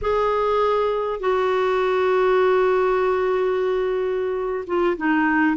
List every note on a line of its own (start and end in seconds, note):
0.01 1.19 G#4
1.19 4.64 F#4
4.66 4.96 F4
4.97 5.56 D#4